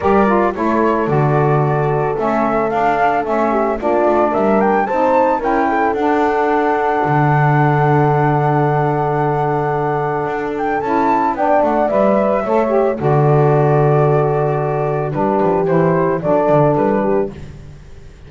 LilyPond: <<
  \new Staff \with { instrumentName = "flute" } { \time 4/4 \tempo 4 = 111 d''4 cis''4 d''2 | e''4 f''4 e''4 d''4 | e''8 g''8 a''4 g''4 fis''4~ | fis''1~ |
fis''2.~ fis''8 g''8 | a''4 g''8 fis''8 e''2 | d''1 | b'4 c''4 d''4 b'4 | }
  \new Staff \with { instrumentName = "horn" } { \time 4/4 ais'4 a'2.~ | a'2~ a'8 g'8 f'4 | ais'4 c''4 ais'8 a'4.~ | a'1~ |
a'1~ | a'4 d''2 cis''4 | a'1 | g'2 a'4. g'8 | }
  \new Staff \with { instrumentName = "saxophone" } { \time 4/4 g'8 f'8 e'4 fis'2 | cis'4 d'4 cis'4 d'4~ | d'4 dis'4 e'4 d'4~ | d'1~ |
d'1 | e'4 d'4 b'4 a'8 g'8 | fis'1 | d'4 e'4 d'2 | }
  \new Staff \with { instrumentName = "double bass" } { \time 4/4 g4 a4 d2 | a4 d'4 a4 ais8 a8 | g4 c'4 cis'4 d'4~ | d'4 d2.~ |
d2. d'4 | cis'4 b8 a8 g4 a4 | d1 | g8 f8 e4 fis8 d8 g4 | }
>>